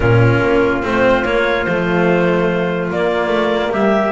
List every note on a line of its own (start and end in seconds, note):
0.00 0.40 A#2
0.00 0.82 C#4
0.00 3.72 F4
0.00 0.81 A#4
0.41 0.82 A#3
0.82 1.24 A3
0.82 1.24 C4
0.82 1.25 C5
1.24 1.65 A#3
1.24 1.66 A#3
1.24 1.64 C#5
1.64 2.90 F3
1.64 2.92 A3
1.64 2.88 C5
2.90 3.27 A#3
2.90 4.12 A#3
2.90 3.72 D5
3.27 3.68 A3
3.71 4.12 G3
3.71 4.12 G4
3.71 4.12 E5